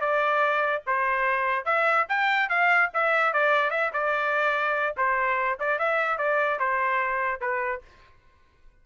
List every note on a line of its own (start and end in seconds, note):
0.00 0.82 D5
0.86 1.65 C5
1.65 2.06 E5
2.08 2.49 G5
2.49 2.90 F5
2.93 3.33 E5
3.33 3.70 D5
3.70 3.91 E5
3.93 4.95 D5
4.96 5.58 C5
5.59 5.78 D5
5.78 6.18 E5
6.18 6.59 D5
6.59 7.40 C5
7.40 7.81 B4